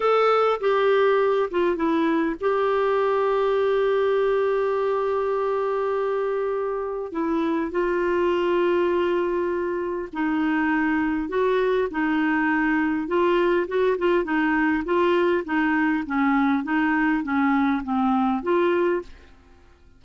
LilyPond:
\new Staff \with { instrumentName = "clarinet" } { \time 4/4 \tempo 4 = 101 a'4 g'4. f'8 e'4 | g'1~ | g'1 | e'4 f'2.~ |
f'4 dis'2 fis'4 | dis'2 f'4 fis'8 f'8 | dis'4 f'4 dis'4 cis'4 | dis'4 cis'4 c'4 f'4 | }